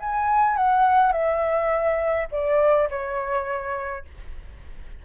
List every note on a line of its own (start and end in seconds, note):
0.00 0.57 G#5
0.57 1.12 F#5
1.12 2.28 E5
2.32 2.89 D5
2.90 4.05 C#5